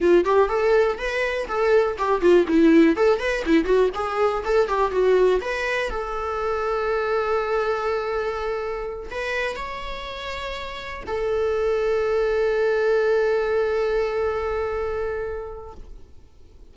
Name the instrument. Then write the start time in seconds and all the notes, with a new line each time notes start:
viola
0.00 F4
0.25 G4
0.49 A4
0.98 B4
1.48 A4
1.98 G4
2.21 F4
2.47 E4
2.96 A4
3.19 B4
3.46 E4
3.65 F#4
3.94 G#4
4.44 A4
4.67 G4
4.91 F#4
5.41 B4
5.90 A4
9.11 B4
9.55 C#5
11.06 A4